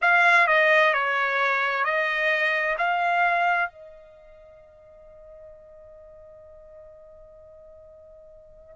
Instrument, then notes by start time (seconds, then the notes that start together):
trumpet
0.01 F5
0.47 D#5
0.93 C#5
1.84 D#5
2.78 F5
3.70 D#5